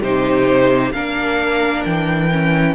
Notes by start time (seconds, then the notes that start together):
0.00 C3 D#4 G4 C5
0.92 A#3 D4 A#4 F5
1.84 E3 G5
2.32 C#4